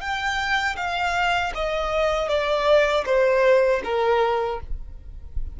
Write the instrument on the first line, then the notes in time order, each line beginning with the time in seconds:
violin
0.00 G5
0.76 F5
1.55 D#5
2.28 D5
3.06 C5
3.84 A#4